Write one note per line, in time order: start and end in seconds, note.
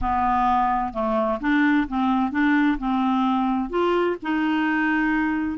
0.01 0.93 B3
0.93 1.39 A3
1.40 1.87 D4
1.88 2.31 C4
2.31 2.77 D4
2.78 3.69 C4
3.69 4.16 F4
4.22 5.58 D#4